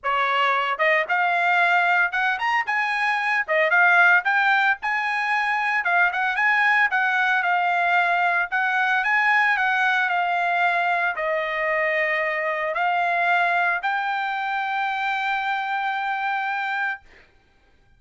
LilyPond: \new Staff \with { instrumentName = "trumpet" } { \time 4/4 \tempo 4 = 113 cis''4. dis''8 f''2 | fis''8 ais''8 gis''4. dis''8 f''4 | g''4 gis''2 f''8 fis''8 | gis''4 fis''4 f''2 |
fis''4 gis''4 fis''4 f''4~ | f''4 dis''2. | f''2 g''2~ | g''1 | }